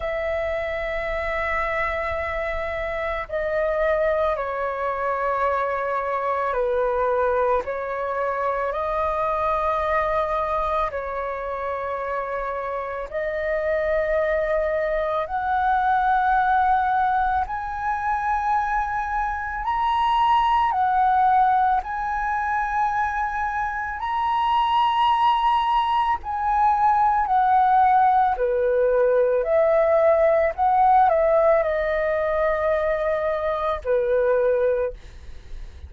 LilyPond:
\new Staff \with { instrumentName = "flute" } { \time 4/4 \tempo 4 = 55 e''2. dis''4 | cis''2 b'4 cis''4 | dis''2 cis''2 | dis''2 fis''2 |
gis''2 ais''4 fis''4 | gis''2 ais''2 | gis''4 fis''4 b'4 e''4 | fis''8 e''8 dis''2 b'4 | }